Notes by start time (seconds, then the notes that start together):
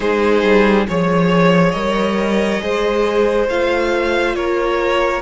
0.00 G#3 D#4 G#4 C5
0.43 G3
0.87 F3 G#4 C#5
1.71 G3 A#4 D#5
2.61 G#3 G#4 C5
3.48 A3 F4 F5
4.35 A#3 A#4 C#5